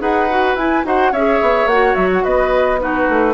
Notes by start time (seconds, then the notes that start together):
0.00 D#4 G#4 B4 F#5
0.30 F#4
0.55 E4 G#5
0.84 D#4 F#4 C5 F#5
1.12 C#4 G#4 C#5 E5
1.42 B3
1.66 A#3 F#4 F#5
1.95 F#3 E5
2.13 F#5
2.24 B3 B4 D#5
2.80 D#4 F#4 B4
3.09 A3